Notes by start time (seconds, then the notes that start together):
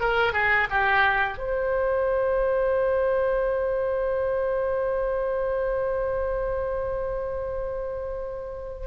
0.00 A#4
0.33 G#4
0.70 G4
1.38 C5